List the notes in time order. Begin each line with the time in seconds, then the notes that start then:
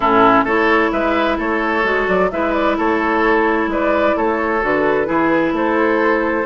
0.00 A2 C#4 E4 A4
0.43 A3 E4 A4 C#5
0.92 G#3 B4 E5
1.37 A3 A4 C#5
1.83 G#3 F#4
2.07 F#3 D5
2.31 G#3 E4 B4 E5
2.53 D5
2.77 A3 A4 C#5
3.66 G#3 B4 D5
4.16 A3 A4 C#5
4.61 D3 F#4 B4
5.05 E3 E4 G#4
5.52 A3 A4 C5